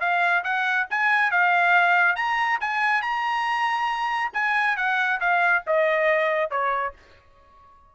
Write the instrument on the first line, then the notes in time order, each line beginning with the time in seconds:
trumpet
0.00 F5
0.43 F#5
0.90 G#5
1.31 F5
2.15 A#5
2.60 G#5
3.02 A#5
4.33 G#5
4.77 F#5
5.20 F5
5.66 D#5
6.50 C#5